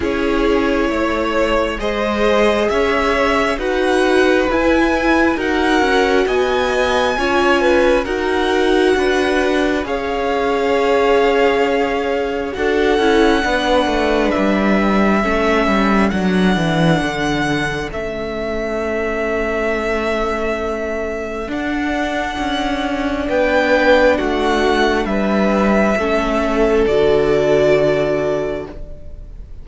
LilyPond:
<<
  \new Staff \with { instrumentName = "violin" } { \time 4/4 \tempo 4 = 67 cis''2 dis''4 e''4 | fis''4 gis''4 fis''4 gis''4~ | gis''4 fis''2 f''4~ | f''2 fis''2 |
e''2 fis''2 | e''1 | fis''2 g''4 fis''4 | e''2 d''2 | }
  \new Staff \with { instrumentName = "violin" } { \time 4/4 gis'4 cis''4 c''4 cis''4 | b'2 ais'4 dis''4 | cis''8 b'8 ais'4 b'4 cis''4~ | cis''2 a'4 b'4~ |
b'4 a'2.~ | a'1~ | a'2 b'4 fis'4 | b'4 a'2. | }
  \new Staff \with { instrumentName = "viola" } { \time 4/4 e'2 gis'2 | fis'4 e'4 fis'2 | f'4 fis'2 gis'4~ | gis'2 fis'8 e'8 d'4~ |
d'4 cis'4 d'2 | cis'1 | d'1~ | d'4 cis'4 fis'2 | }
  \new Staff \with { instrumentName = "cello" } { \time 4/4 cis'4 a4 gis4 cis'4 | dis'4 e'4 dis'8 cis'8 b4 | cis'4 dis'4 d'4 cis'4~ | cis'2 d'8 cis'8 b8 a8 |
g4 a8 g8 fis8 e8 d4 | a1 | d'4 cis'4 b4 a4 | g4 a4 d2 | }
>>